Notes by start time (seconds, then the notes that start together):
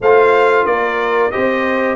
0.00 A3 F4 C5 F5
0.65 A#3 A#4 D5
1.31 C4 G4 C5 D#5